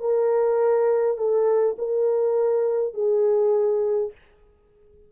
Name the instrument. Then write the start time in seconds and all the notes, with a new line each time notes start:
horn
0.00 A#4
1.18 A4
1.78 A#4
2.94 G#4